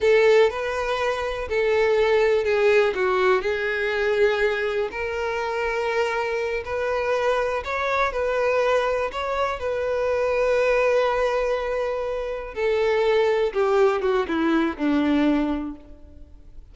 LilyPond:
\new Staff \with { instrumentName = "violin" } { \time 4/4 \tempo 4 = 122 a'4 b'2 a'4~ | a'4 gis'4 fis'4 gis'4~ | gis'2 ais'2~ | ais'4. b'2 cis''8~ |
cis''8 b'2 cis''4 b'8~ | b'1~ | b'4. a'2 g'8~ | g'8 fis'8 e'4 d'2 | }